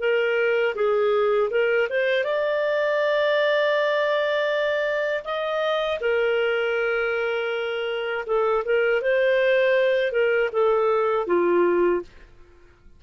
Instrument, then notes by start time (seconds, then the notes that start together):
clarinet
0.00 A#4
0.75 G#4
1.51 A#4
1.90 C5
2.24 D5
5.25 D#5
6.01 A#4
8.27 A4
8.65 A#4
9.02 C5
10.12 A#4
10.53 A4
11.27 F4